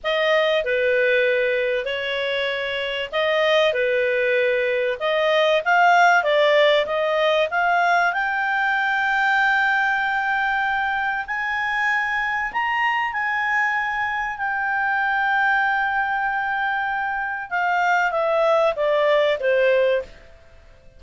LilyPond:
\new Staff \with { instrumentName = "clarinet" } { \time 4/4 \tempo 4 = 96 dis''4 b'2 cis''4~ | cis''4 dis''4 b'2 | dis''4 f''4 d''4 dis''4 | f''4 g''2.~ |
g''2 gis''2 | ais''4 gis''2 g''4~ | g''1 | f''4 e''4 d''4 c''4 | }